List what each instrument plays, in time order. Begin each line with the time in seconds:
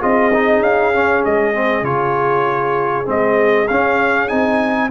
0.00 tuba C4, trombone F4, horn G#4, trumpet D#5
0.34 trombone D#4
0.60 tuba C#4, trumpet F5
0.93 trombone C#4
1.25 tuba G#3, trumpet D#5
1.54 trombone C4
1.83 tuba C#3, trombone F4, trumpet C#5
3.05 tuba G#3, trombone C4, trumpet D#5
3.68 trombone C#4, tuba C#4, trumpet F5
4.28 tuba C4, trombone D#4, trumpet G#5